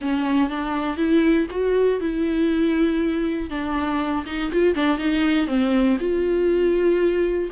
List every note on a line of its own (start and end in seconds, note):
0.01 0.49 C#4
0.49 0.97 D4
0.97 1.47 E4
1.50 2.00 F#4
2.00 3.50 E4
3.50 4.25 D4
4.26 4.51 D#4
4.52 4.74 F4
4.74 4.97 D4
4.97 5.47 D#4
5.47 5.97 C4
6.00 7.50 F4